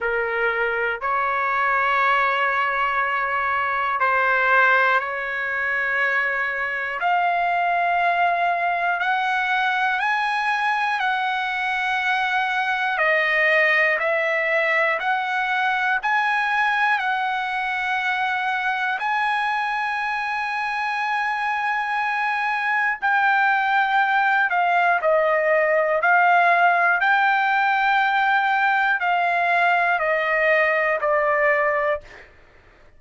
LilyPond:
\new Staff \with { instrumentName = "trumpet" } { \time 4/4 \tempo 4 = 60 ais'4 cis''2. | c''4 cis''2 f''4~ | f''4 fis''4 gis''4 fis''4~ | fis''4 dis''4 e''4 fis''4 |
gis''4 fis''2 gis''4~ | gis''2. g''4~ | g''8 f''8 dis''4 f''4 g''4~ | g''4 f''4 dis''4 d''4 | }